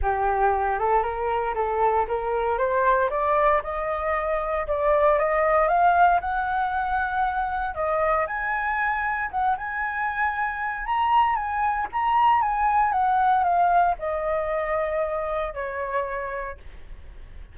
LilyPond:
\new Staff \with { instrumentName = "flute" } { \time 4/4 \tempo 4 = 116 g'4. a'8 ais'4 a'4 | ais'4 c''4 d''4 dis''4~ | dis''4 d''4 dis''4 f''4 | fis''2. dis''4 |
gis''2 fis''8 gis''4.~ | gis''4 ais''4 gis''4 ais''4 | gis''4 fis''4 f''4 dis''4~ | dis''2 cis''2 | }